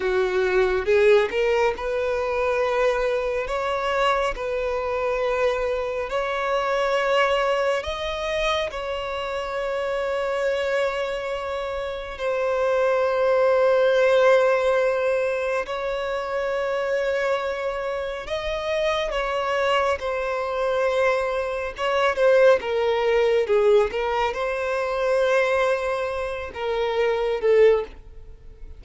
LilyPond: \new Staff \with { instrumentName = "violin" } { \time 4/4 \tempo 4 = 69 fis'4 gis'8 ais'8 b'2 | cis''4 b'2 cis''4~ | cis''4 dis''4 cis''2~ | cis''2 c''2~ |
c''2 cis''2~ | cis''4 dis''4 cis''4 c''4~ | c''4 cis''8 c''8 ais'4 gis'8 ais'8 | c''2~ c''8 ais'4 a'8 | }